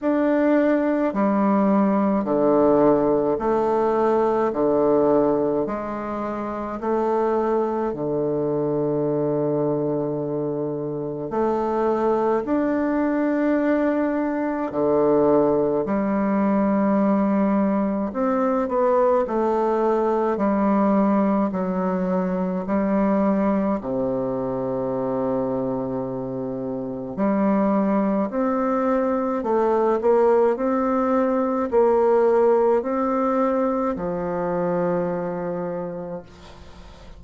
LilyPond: \new Staff \with { instrumentName = "bassoon" } { \time 4/4 \tempo 4 = 53 d'4 g4 d4 a4 | d4 gis4 a4 d4~ | d2 a4 d'4~ | d'4 d4 g2 |
c'8 b8 a4 g4 fis4 | g4 c2. | g4 c'4 a8 ais8 c'4 | ais4 c'4 f2 | }